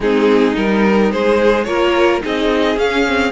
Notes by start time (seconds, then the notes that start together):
0.00 G#3 C4 D#4 G#4
0.54 G3 D#4 A#4
1.11 G#3 G#4 C5
1.64 A#3 F4 A#4 C#5
2.21 C4 D#4 G#4 D#5
2.76 C#4 F5
3.06 C4